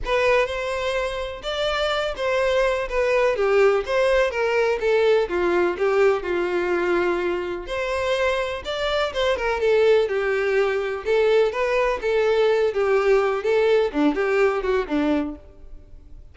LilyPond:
\new Staff \with { instrumentName = "violin" } { \time 4/4 \tempo 4 = 125 b'4 c''2 d''4~ | d''8 c''4. b'4 g'4 | c''4 ais'4 a'4 f'4 | g'4 f'2. |
c''2 d''4 c''8 ais'8 | a'4 g'2 a'4 | b'4 a'4. g'4. | a'4 d'8 g'4 fis'8 d'4 | }